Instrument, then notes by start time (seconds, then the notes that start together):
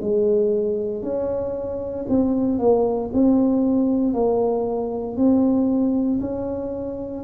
tuba
0.00 G#3
1.02 C#4
2.08 C4
2.58 A#3
3.13 C4
4.13 A#3
5.16 C4
6.20 C#4